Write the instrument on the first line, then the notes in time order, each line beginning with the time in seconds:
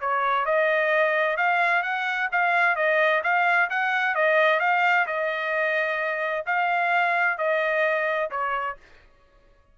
trumpet
0.00 C#5
0.45 D#5
1.37 F5
1.83 F#5
2.31 F5
2.76 D#5
3.23 F5
3.69 F#5
4.15 D#5
4.60 F5
5.06 D#5
6.46 F5
7.38 D#5
8.31 C#5